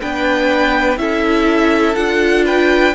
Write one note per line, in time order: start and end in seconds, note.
0.00 0.97 B3
0.00 0.98 D4
0.00 0.98 B4
0.00 0.98 G5
0.97 1.95 C#4
0.97 1.95 E4
0.97 2.45 A4
0.97 1.95 E5
1.95 2.95 D4
1.95 2.94 F4
1.95 2.44 F#5
2.45 2.94 B4
2.45 2.95 G5